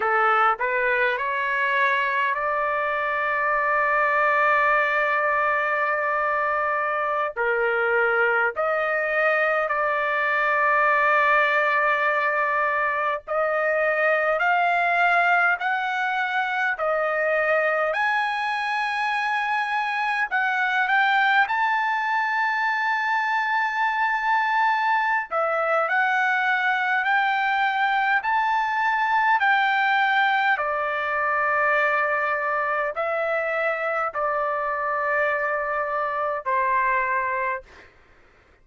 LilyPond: \new Staff \with { instrumentName = "trumpet" } { \time 4/4 \tempo 4 = 51 a'8 b'8 cis''4 d''2~ | d''2~ d''16 ais'4 dis''8.~ | dis''16 d''2. dis''8.~ | dis''16 f''4 fis''4 dis''4 gis''8.~ |
gis''4~ gis''16 fis''8 g''8 a''4.~ a''16~ | a''4. e''8 fis''4 g''4 | a''4 g''4 d''2 | e''4 d''2 c''4 | }